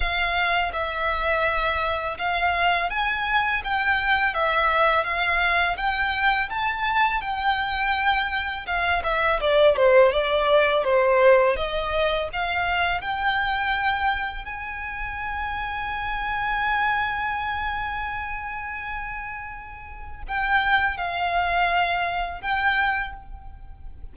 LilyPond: \new Staff \with { instrumentName = "violin" } { \time 4/4 \tempo 4 = 83 f''4 e''2 f''4 | gis''4 g''4 e''4 f''4 | g''4 a''4 g''2 | f''8 e''8 d''8 c''8 d''4 c''4 |
dis''4 f''4 g''2 | gis''1~ | gis''1 | g''4 f''2 g''4 | }